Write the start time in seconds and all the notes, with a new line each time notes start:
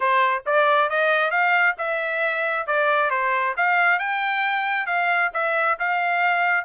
0.00 C5
0.45 D5
0.89 D#5
1.31 F5
1.78 E5
2.66 D5
3.10 C5
3.56 F5
3.99 G5
4.86 F5
5.33 E5
5.79 F5